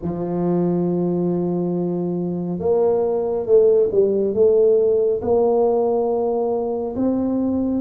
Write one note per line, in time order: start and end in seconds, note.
0.02 2.59 F3
2.59 3.45 A#3
3.45 3.89 A3
3.91 4.34 G3
4.34 5.21 A3
5.21 6.95 A#3
6.95 7.80 C4